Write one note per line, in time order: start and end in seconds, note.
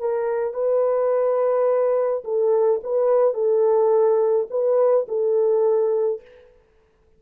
0.00 0.54 A#4
0.54 2.24 B4
2.24 2.81 A4
2.84 3.34 B4
3.34 4.47 A4
4.50 5.07 B4
5.08 6.22 A4